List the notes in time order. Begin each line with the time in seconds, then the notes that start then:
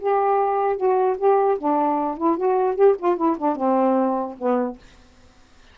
0.00 G4
0.77 F#4
1.18 G4
1.59 D4
2.18 E4
2.37 F#4
2.76 G4
2.99 F4
3.17 E4
3.38 D4
3.56 C4
4.39 B3